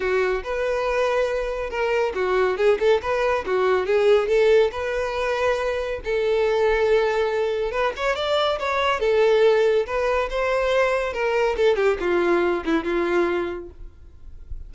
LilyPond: \new Staff \with { instrumentName = "violin" } { \time 4/4 \tempo 4 = 140 fis'4 b'2. | ais'4 fis'4 gis'8 a'8 b'4 | fis'4 gis'4 a'4 b'4~ | b'2 a'2~ |
a'2 b'8 cis''8 d''4 | cis''4 a'2 b'4 | c''2 ais'4 a'8 g'8 | f'4. e'8 f'2 | }